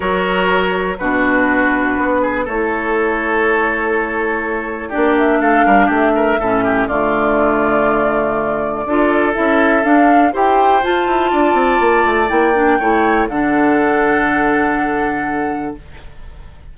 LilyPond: <<
  \new Staff \with { instrumentName = "flute" } { \time 4/4 \tempo 4 = 122 cis''2 b'2~ | b'4 cis''2.~ | cis''2 d''8 e''8 f''4 | e''2 d''2~ |
d''2. e''4 | f''4 g''4 a''2~ | a''4 g''2 fis''4~ | fis''1 | }
  \new Staff \with { instrumentName = "oboe" } { \time 4/4 ais'2 fis'2~ | fis'8 gis'8 a'2.~ | a'2 g'4 a'8 ais'8 | g'8 ais'8 a'8 g'8 f'2~ |
f'2 a'2~ | a'4 c''2 d''4~ | d''2 cis''4 a'4~ | a'1 | }
  \new Staff \with { instrumentName = "clarinet" } { \time 4/4 fis'2 d'2~ | d'4 e'2.~ | e'2 d'2~ | d'4 cis'4 a2~ |
a2 f'4 e'4 | d'4 g'4 f'2~ | f'4 e'8 d'8 e'4 d'4~ | d'1 | }
  \new Staff \with { instrumentName = "bassoon" } { \time 4/4 fis2 b,2 | b4 a2.~ | a2 ais4 a8 g8 | a4 a,4 d2~ |
d2 d'4 cis'4 | d'4 e'4 f'8 e'8 d'8 c'8 | ais8 a8 ais4 a4 d4~ | d1 | }
>>